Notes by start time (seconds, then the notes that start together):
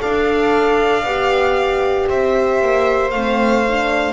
0.00 D4 A4 D5 F5
1.03 B3 G4
2.09 C4 C5 E5
2.61 A#3
3.11 A3 C4 F5
3.68 D4